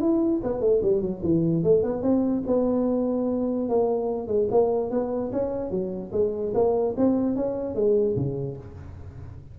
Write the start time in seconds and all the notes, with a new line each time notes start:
0.00 E4
0.43 B3
0.60 A3
0.82 G3
1.01 F#3
1.22 E3
1.63 A3
1.83 B3
2.02 C4
2.46 B3
3.69 A#3
4.27 G#3
4.51 A#3
4.90 B3
5.32 C#4
5.70 F#3
6.12 G#3
6.54 A#3
6.97 C4
7.36 C#4
7.75 G#3
8.16 C#3